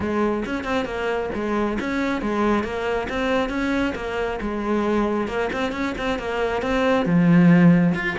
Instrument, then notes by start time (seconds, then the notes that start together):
cello
0.00 G#3
0.45 C#4
0.64 C4
0.85 A#3
1.34 G#3
1.79 C#4
2.21 G#3
2.63 A#3
3.09 C4
3.49 C#4
3.95 A#3
4.41 G#3
5.27 A#3
5.52 C4
5.71 C#4
5.98 C4
6.18 A#3
6.62 C4
7.05 F3
7.94 F4